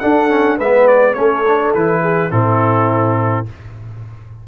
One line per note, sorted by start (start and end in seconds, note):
0.00 0.30 D4
0.00 0.59 D4
0.00 0.58 A4
0.00 0.58 F#5
0.30 0.58 C#4
0.58 1.15 G#3
0.58 1.15 B3
0.58 1.16 B4
0.58 0.88 E5
0.88 1.14 D5
1.14 1.73 A3
1.14 1.44 C#4
1.14 2.03 A4
1.14 1.72 C#5
1.48 1.77 D4
1.75 2.32 E3
1.75 2.31 E4
1.75 2.31 B4
2.03 2.31 G#4
2.31 3.47 A2
2.31 3.46 C4
2.31 3.48 E4
2.31 3.47 A4